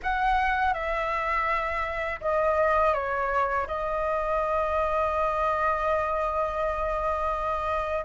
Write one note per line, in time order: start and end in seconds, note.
0.02 0.73 F#5
0.73 2.20 E5
2.20 2.93 D#5
2.93 3.66 C#5
3.67 8.05 D#5